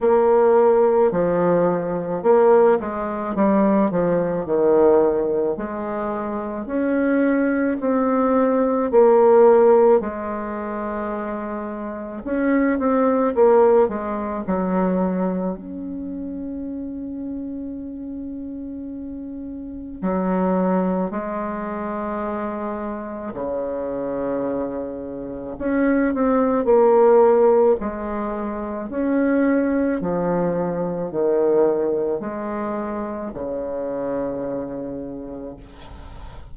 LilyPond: \new Staff \with { instrumentName = "bassoon" } { \time 4/4 \tempo 4 = 54 ais4 f4 ais8 gis8 g8 f8 | dis4 gis4 cis'4 c'4 | ais4 gis2 cis'8 c'8 | ais8 gis8 fis4 cis'2~ |
cis'2 fis4 gis4~ | gis4 cis2 cis'8 c'8 | ais4 gis4 cis'4 f4 | dis4 gis4 cis2 | }